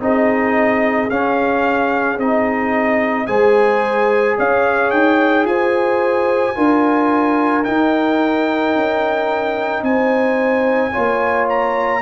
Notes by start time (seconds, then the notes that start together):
0.00 C4 D#4 G#4 D#5
1.10 C#4 F5
2.18 C4 D#4 D#5
3.26 G#3 G#4 C5 G#5
4.38 C#4 C#5 F5
4.90 D#4 G5
5.44 F4 C5 G#5
6.55 D4 F4 A#4
7.64 D#4 G5
8.74 C#4
9.82 C4 C5 G#5
10.92 A#3 F4 C#5
11.49 A#5